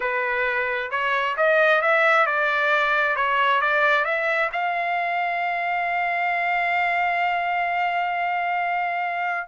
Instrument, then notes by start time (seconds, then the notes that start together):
trumpet
0.00 B4
0.90 C#5
1.36 D#5
1.81 E5
2.26 D5
3.16 C#5
3.61 D5
4.05 E5
4.52 F5